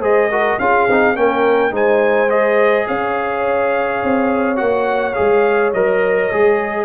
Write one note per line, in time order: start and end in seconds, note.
0.00 0.57 G#3
0.00 0.29 G#4
0.00 0.29 C5
0.00 0.59 D#5
0.30 0.59 F#4
0.30 0.59 A#4
0.59 0.87 C#4
0.59 0.89 F4
0.59 1.17 G#4
0.59 1.16 F5
0.89 1.15 C4
0.89 1.15 D#4
1.15 1.71 A#3
1.15 1.71 C#4
1.15 1.72 A#4
1.15 1.73 G5
1.71 2.85 G#3
1.71 2.28 D#4
1.71 2.87 C5
1.71 2.29 G#5
2.29 4.55 G#4
2.29 2.87 D#5
2.87 4.03 C#4
2.87 6.84 C#5
2.87 4.57 F5
4.03 4.60 C4
4.55 5.17 A#3
4.55 5.12 F#4
4.55 5.13 F#5
5.13 5.73 G#3
5.13 5.72 G#4
5.13 5.70 F5
5.73 6.30 F#3
5.73 6.32 A#4
5.73 6.84 D#5
6.32 6.84 G#3
6.32 6.84 G#4